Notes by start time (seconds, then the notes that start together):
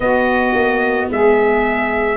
0.00 B3 F#4 D#5
0.53 A#3
1.09 G#3 G#4 E5